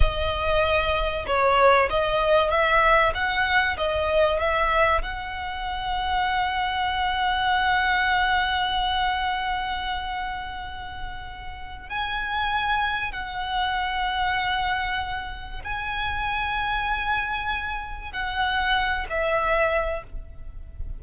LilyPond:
\new Staff \with { instrumentName = "violin" } { \time 4/4 \tempo 4 = 96 dis''2 cis''4 dis''4 | e''4 fis''4 dis''4 e''4 | fis''1~ | fis''1~ |
fis''2. gis''4~ | gis''4 fis''2.~ | fis''4 gis''2.~ | gis''4 fis''4. e''4. | }